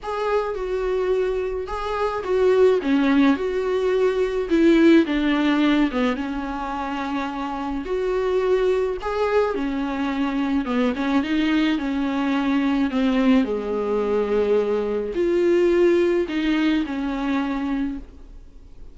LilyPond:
\new Staff \with { instrumentName = "viola" } { \time 4/4 \tempo 4 = 107 gis'4 fis'2 gis'4 | fis'4 cis'4 fis'2 | e'4 d'4. b8 cis'4~ | cis'2 fis'2 |
gis'4 cis'2 b8 cis'8 | dis'4 cis'2 c'4 | gis2. f'4~ | f'4 dis'4 cis'2 | }